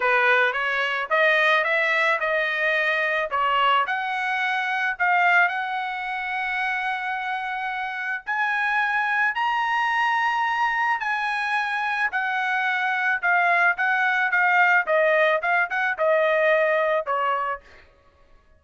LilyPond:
\new Staff \with { instrumentName = "trumpet" } { \time 4/4 \tempo 4 = 109 b'4 cis''4 dis''4 e''4 | dis''2 cis''4 fis''4~ | fis''4 f''4 fis''2~ | fis''2. gis''4~ |
gis''4 ais''2. | gis''2 fis''2 | f''4 fis''4 f''4 dis''4 | f''8 fis''8 dis''2 cis''4 | }